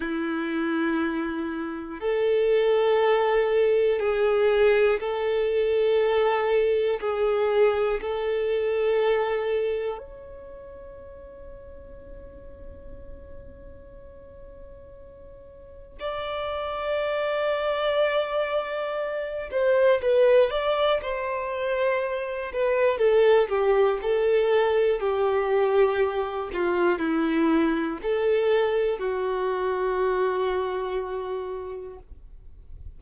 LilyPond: \new Staff \with { instrumentName = "violin" } { \time 4/4 \tempo 4 = 60 e'2 a'2 | gis'4 a'2 gis'4 | a'2 cis''2~ | cis''1 |
d''2.~ d''8 c''8 | b'8 d''8 c''4. b'8 a'8 g'8 | a'4 g'4. f'8 e'4 | a'4 fis'2. | }